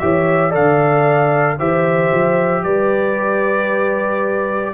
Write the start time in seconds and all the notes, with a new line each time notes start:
0.00 E3 G4 C#5 E5
0.50 D3 A4 D5 F5
1.59 E3 G4 C5 E5
2.13 F3
2.64 G3 B4 D5